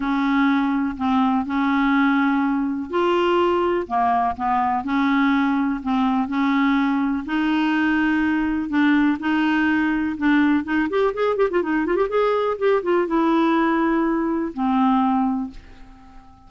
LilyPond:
\new Staff \with { instrumentName = "clarinet" } { \time 4/4 \tempo 4 = 124 cis'2 c'4 cis'4~ | cis'2 f'2 | ais4 b4 cis'2 | c'4 cis'2 dis'4~ |
dis'2 d'4 dis'4~ | dis'4 d'4 dis'8 g'8 gis'8 g'16 f'16 | dis'8 f'16 g'16 gis'4 g'8 f'8 e'4~ | e'2 c'2 | }